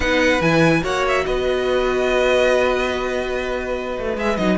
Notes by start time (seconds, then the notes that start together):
0.00 B3 D#4 B4 F#5
0.40 E3 E4 G#5
0.82 A#3 F#4 C#5 F#5
1.08 E5
1.25 B3 B4 D#5
3.98 A3
4.16 G#3 G#4 E5
4.36 F#3 D#4 D#5